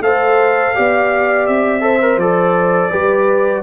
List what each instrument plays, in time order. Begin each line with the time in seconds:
0.00 tuba A3, trombone A4, horn C5, trumpet F5
0.75 tuba B3, trombone G4, horn D5
1.46 tuba C4, trumpet E5
1.80 trombone A4, horn C5
2.01 trombone A#4
2.16 tuba F3, trombone A4, trumpet D5
2.90 tuba G3, trombone G4, horn B4